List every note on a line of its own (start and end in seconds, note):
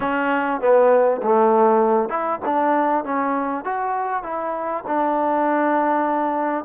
0.00 0.60 C#4
0.60 1.21 B3
1.23 2.09 A3
2.09 2.39 E4
2.45 3.04 D4
3.04 3.64 C#4
3.64 4.23 F#4
4.23 4.83 E4
4.86 6.64 D4